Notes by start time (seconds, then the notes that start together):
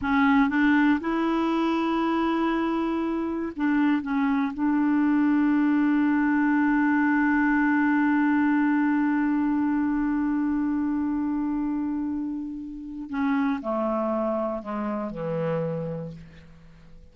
0.01 C#4
0.49 D4
1.00 E4
3.55 D4
4.02 C#4
4.53 D4
13.09 C#4
13.61 A3
14.62 G#3
15.11 E3